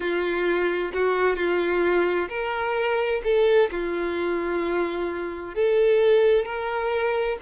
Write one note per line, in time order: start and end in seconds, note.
0.00 0.91 F4
0.93 1.36 F#4
1.36 2.28 F4
2.29 3.21 A#4
3.23 3.70 A4
3.71 5.54 F4
5.54 6.45 A4
6.45 7.37 A#4